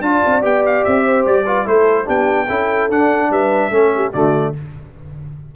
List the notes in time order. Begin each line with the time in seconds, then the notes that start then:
0.00 D4 F4 D5 A5
0.26 C4
0.41 B3 G4 G5
0.65 F5
0.84 C4 E5
1.04 C5
1.25 G3 D5
1.44 F4 B4
1.65 A3 E4 A4 C5
2.05 B3 D4 G4 G5
2.47 C#4 E4 A4
2.89 D4 F#5
3.30 G3 B4 E5
3.70 A3 C#4 A4
3.95 G4
4.12 D3 A3 F#4 D5